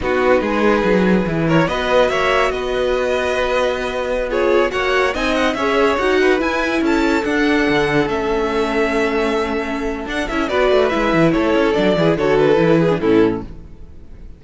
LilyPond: <<
  \new Staff \with { instrumentName = "violin" } { \time 4/4 \tempo 4 = 143 b'2.~ b'8 cis''8 | dis''4 e''4 dis''2~ | dis''2~ dis''16 cis''4 fis''8.~ | fis''16 gis''8 fis''8 e''4 fis''4 gis''8.~ |
gis''16 a''4 fis''2 e''8.~ | e''1 | fis''8 e''8 d''4 e''4 cis''4 | d''4 cis''8 b'4. a'4 | }
  \new Staff \with { instrumentName = "violin" } { \time 4/4 fis'4 gis'2~ gis'8 ais'8 | b'4 cis''4 b'2~ | b'2~ b'16 gis'4 cis''8.~ | cis''16 dis''4 cis''4. b'4~ b'16~ |
b'16 a'2.~ a'8.~ | a'1~ | a'4 b'2 a'4~ | a'8 gis'8 a'4. gis'8 e'4 | }
  \new Staff \with { instrumentName = "viola" } { \time 4/4 dis'2. e'4 | fis'1~ | fis'2~ fis'16 f'4 fis'8.~ | fis'16 dis'4 gis'4 fis'4 e'8.~ |
e'4~ e'16 d'2 cis'8.~ | cis'1 | d'8 e'8 fis'4 e'2 | d'8 e'8 fis'4 e'8. d'16 cis'4 | }
  \new Staff \with { instrumentName = "cello" } { \time 4/4 b4 gis4 fis4 e4 | b4 ais4 b2~ | b2.~ b16 ais8.~ | ais16 c'4 cis'4 dis'4 e'8.~ |
e'16 cis'4 d'4 d4 a8.~ | a1 | d'8 cis'8 b8 a8 gis8 e8 a8 cis'8 | fis8 e8 d4 e4 a,4 | }
>>